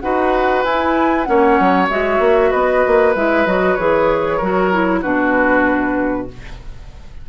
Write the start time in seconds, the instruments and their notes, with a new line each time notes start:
0.00 bassoon D#4, clarinet F#4, oboe B4, flute F#5
0.63 bassoon E4, clarinet E4, flute G#5
1.23 bassoon A#3, clarinet C#4, oboe C#5, flute F#5
1.59 bassoon F#3
1.89 bassoon G#3, clarinet F#4, flute E5
2.18 bassoon A#3
2.50 bassoon B3, oboe B4, flute D#5
2.86 bassoon A#3
3.15 bassoon G#3, clarinet E4, flute E5
3.45 bassoon F#3, clarinet F#4, flute D#5
3.75 bassoon E3, clarinet G#4, flute C#5
4.37 bassoon F#3, clarinet F#4, oboe A#4
4.72 clarinet E4
5.01 bassoon B2, clarinet D4, oboe F#4, flute B4